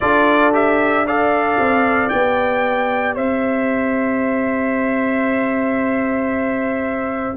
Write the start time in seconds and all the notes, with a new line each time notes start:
0.00 D4 F4 A4 D5
0.52 G4 E5
1.05 A4 D5 F5
1.58 C4
2.09 B3 G4 G5
3.14 C4 C5 E5